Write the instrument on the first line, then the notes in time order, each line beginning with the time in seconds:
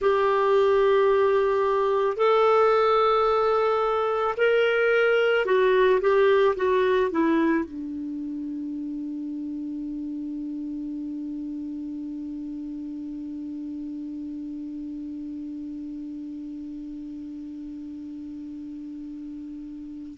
clarinet
0.00 G4
2.16 A4
4.37 A#4
5.45 F#4
6.00 G4
6.56 F#4
7.11 E4
7.65 D4